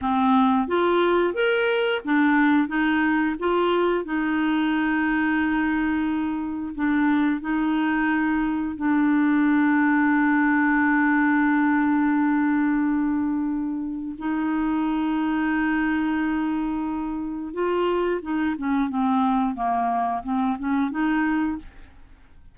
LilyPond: \new Staff \with { instrumentName = "clarinet" } { \time 4/4 \tempo 4 = 89 c'4 f'4 ais'4 d'4 | dis'4 f'4 dis'2~ | dis'2 d'4 dis'4~ | dis'4 d'2.~ |
d'1~ | d'4 dis'2.~ | dis'2 f'4 dis'8 cis'8 | c'4 ais4 c'8 cis'8 dis'4 | }